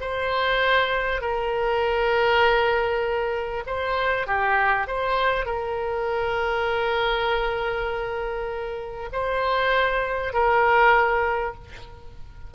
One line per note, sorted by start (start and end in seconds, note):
0.00 1.21 C5
1.21 3.63 A#4
3.66 4.26 C5
4.26 4.87 G4
4.87 5.45 C5
5.45 9.09 A#4
9.12 10.33 C5
10.33 11.54 A#4